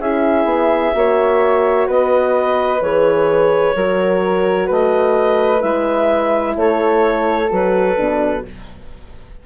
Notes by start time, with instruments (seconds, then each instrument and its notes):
0.00 bassoon C#4, horn E4, flute G#4, clarinet E5
0.46 bassoon B3
0.94 bassoon A#3, horn F#4, flute C#5
1.88 bassoon B3, flute B4, clarinet D#5
2.82 bassoon E3, horn G#4, clarinet C#5
3.76 bassoon F#3, horn F#4, flute A#4
4.67 bassoon A3, flute B4, clarinet D#5
5.60 bassoon G#3, horn E4, clarinet E5
6.57 bassoon A3, flute A4, clarinet C#5
7.51 bassoon F#3, horn F#4, clarinet B4
7.97 bassoon B2, horn D4